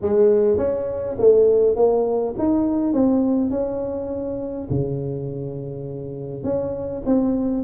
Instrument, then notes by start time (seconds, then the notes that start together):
tuba
0.01 G#3
0.57 C#4
1.18 A3
1.76 A#3
2.38 D#4
2.93 C4
3.50 C#4
4.70 C#3
6.43 C#4
7.05 C4